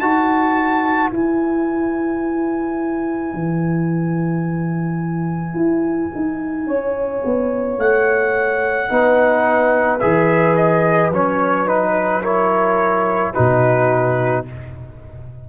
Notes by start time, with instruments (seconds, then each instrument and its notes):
0.00 tuba D#4, trombone F#4, horn B4, trumpet A5
1.10 tuba E4, trombone E4, trumpet G#5
3.33 tuba E3
5.54 tuba E4
6.15 tuba D#4
6.66 tuba C#4, horn C#5
7.24 tuba B3
7.78 tuba A3, trumpet F#5
8.88 tuba B3, trombone D#4, horn B4
10.00 tuba E3, trombone G#4, trumpet E5
10.55 trumpet D#5
11.10 tuba F#3, trombone C#4, trumpet C#5
11.66 trombone D#4, trumpet B4
12.22 trombone E4, horn A#4, trumpet C#5
13.33 tuba B2, trombone D#4, horn F#4, trumpet B4